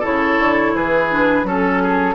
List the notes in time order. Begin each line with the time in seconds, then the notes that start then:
0.00 C#3 E4 A4 C#5
0.39 D3
0.75 E3 G#4 B4
1.10 D4
1.44 F#3 C#4 A4
1.83 G#4